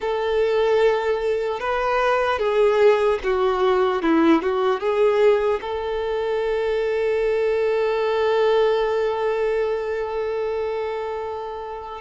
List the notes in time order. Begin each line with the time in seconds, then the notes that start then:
0.00 A4
1.60 B4
2.38 G#4
3.23 F#4
4.02 E4
4.42 F#4
4.80 G#4
5.61 A4